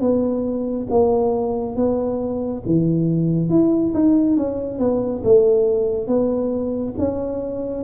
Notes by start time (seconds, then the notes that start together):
0.00 B3
0.90 A#3
1.75 B3
2.66 E3
3.49 E4
3.94 D#4
4.37 C#4
4.79 B3
5.24 A3
6.07 B3
6.98 C#4